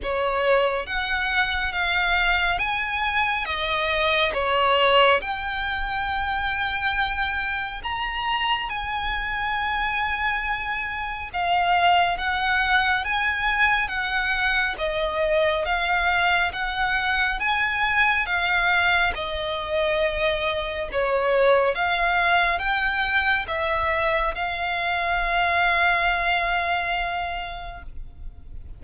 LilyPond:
\new Staff \with { instrumentName = "violin" } { \time 4/4 \tempo 4 = 69 cis''4 fis''4 f''4 gis''4 | dis''4 cis''4 g''2~ | g''4 ais''4 gis''2~ | gis''4 f''4 fis''4 gis''4 |
fis''4 dis''4 f''4 fis''4 | gis''4 f''4 dis''2 | cis''4 f''4 g''4 e''4 | f''1 | }